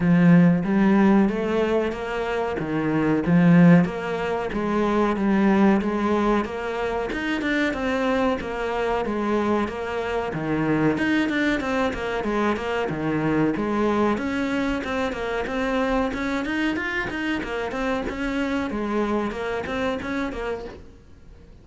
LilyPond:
\new Staff \with { instrumentName = "cello" } { \time 4/4 \tempo 4 = 93 f4 g4 a4 ais4 | dis4 f4 ais4 gis4 | g4 gis4 ais4 dis'8 d'8 | c'4 ais4 gis4 ais4 |
dis4 dis'8 d'8 c'8 ais8 gis8 ais8 | dis4 gis4 cis'4 c'8 ais8 | c'4 cis'8 dis'8 f'8 dis'8 ais8 c'8 | cis'4 gis4 ais8 c'8 cis'8 ais8 | }